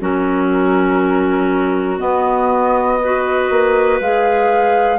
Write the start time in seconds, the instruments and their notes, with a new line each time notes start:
0.00 bassoon F#3, clarinet C#4 F#4, flute A#4
1.98 clarinet B3, bassoon B3, flute D#5
3.01 clarinet F#4 B4
3.50 bassoon A#3
4.00 bassoon G#3, clarinet G#4, flute F5